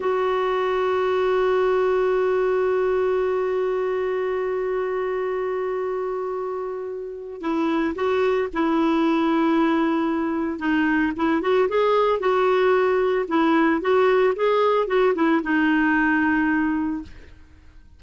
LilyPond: \new Staff \with { instrumentName = "clarinet" } { \time 4/4 \tempo 4 = 113 fis'1~ | fis'1~ | fis'1~ | fis'2 e'4 fis'4 |
e'1 | dis'4 e'8 fis'8 gis'4 fis'4~ | fis'4 e'4 fis'4 gis'4 | fis'8 e'8 dis'2. | }